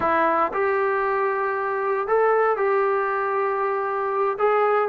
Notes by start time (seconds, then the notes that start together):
0.00 E4
0.53 G4
2.07 A4
2.56 G4
4.38 G#4